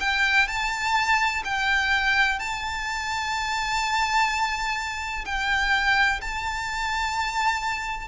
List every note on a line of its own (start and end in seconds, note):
0.00 0.48 G5
0.48 1.43 A5
1.44 2.39 G5
2.39 5.25 A5
5.25 6.20 G5
6.21 8.08 A5